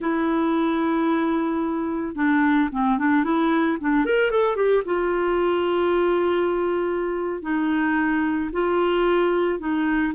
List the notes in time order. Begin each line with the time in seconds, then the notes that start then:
0.00 E4
2.15 D4
2.71 C4
2.98 D4
3.23 E4
3.80 D4
4.05 A#4
4.30 A4
4.55 G4
4.85 F4
7.42 D#4
8.52 F4
9.59 D#4